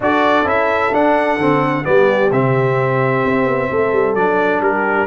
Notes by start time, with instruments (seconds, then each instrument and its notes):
0.00 tuba D4, trombone F#4, horn A4, trumpet D5
0.45 tuba C#4, trombone E4, trumpet E5
0.93 tuba D4, trombone D4, trumpet F#5
1.37 tuba D3, trombone C4
1.84 tuba G3, trombone B3, horn G4, trumpet D5
2.31 tuba C3, trombone C4, trumpet E5
3.24 tuba C4
3.46 tuba B3
3.69 tuba A3, horn A4
3.92 tuba G3
4.14 tuba F#3, trombone D4, trumpet D5
4.60 tuba G3, horn G4, trumpet A#4